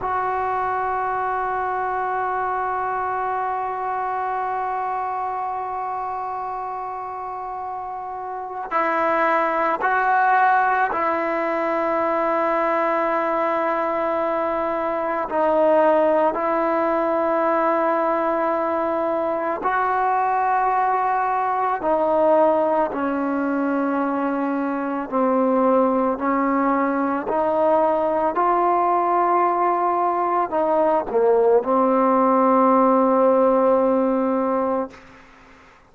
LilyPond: \new Staff \with { instrumentName = "trombone" } { \time 4/4 \tempo 4 = 55 fis'1~ | fis'1 | e'4 fis'4 e'2~ | e'2 dis'4 e'4~ |
e'2 fis'2 | dis'4 cis'2 c'4 | cis'4 dis'4 f'2 | dis'8 ais8 c'2. | }